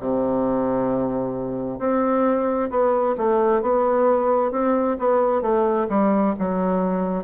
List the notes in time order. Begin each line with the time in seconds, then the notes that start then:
0.00 C3
1.79 C4
2.70 B3
3.17 A3
3.62 B3
4.52 C4
4.99 B3
5.42 A3
5.89 G3
6.39 F#3